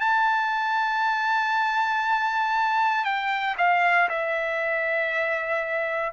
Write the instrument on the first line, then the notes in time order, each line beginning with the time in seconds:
trumpet
0.00 A5
3.04 G5
3.57 F5
4.09 E5